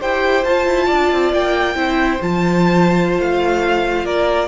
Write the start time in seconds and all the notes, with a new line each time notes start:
0.00 E4 G4 C5 G5
0.44 F4 A5
0.65 E4
0.86 D4 D5
1.11 C4
1.32 A#3 G5
1.75 C4 E4 C5
2.20 F3 F4 A5
3.19 A3 F5
4.04 A#3 A#4 D5